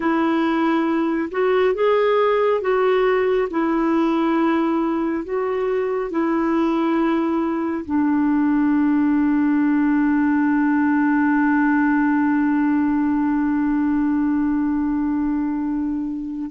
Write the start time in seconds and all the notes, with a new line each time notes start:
0.00 E4
1.30 F#4
1.74 G#4
2.61 F#4
3.50 E4
5.24 F#4
6.10 E4
7.85 D4